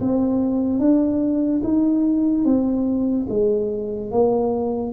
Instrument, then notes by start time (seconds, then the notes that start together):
tuba
0.00 C4
0.80 D4
1.64 D#4
2.45 C4
3.30 G#3
4.11 A#3